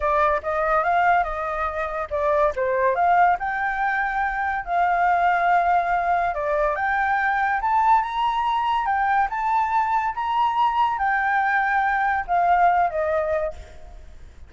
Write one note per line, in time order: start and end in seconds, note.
0.00 0.41 D5
0.42 0.83 D#5
0.83 1.23 F5
1.23 2.08 D#5
2.10 2.52 D5
2.55 2.95 C5
2.95 3.37 F5
3.39 4.65 G5
4.65 6.34 F5
6.34 6.75 D5
6.75 7.60 G5
7.61 8.02 A5
8.02 8.85 A#5
8.85 9.28 G5
9.30 10.14 A5
10.14 10.98 A#5
10.98 12.25 G5
12.27 12.90 F5
12.90 13.53 D#5